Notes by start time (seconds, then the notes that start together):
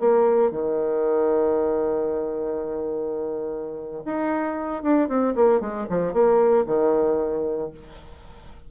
0.00 A#3
0.52 D#3
4.06 D#4
4.83 D4
5.09 C4
5.36 A#3
5.61 G#3
5.90 F3
6.14 A#3
6.67 D#3